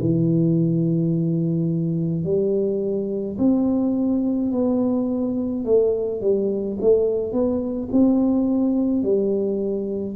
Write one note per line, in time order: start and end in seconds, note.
0.00 2.24 E3
2.24 3.38 G3
3.39 4.52 C4
4.52 5.65 B3
5.65 6.21 A3
6.21 6.78 G3
6.81 7.32 A3
7.32 7.89 B3
7.92 9.03 C4
9.03 10.16 G3